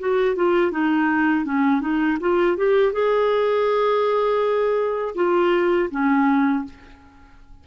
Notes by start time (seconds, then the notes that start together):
0.00 F#4
0.36 F4
0.72 D#4
1.45 C#4
1.81 D#4
2.21 F4
2.58 G4
2.93 G#4
5.16 F4
5.91 C#4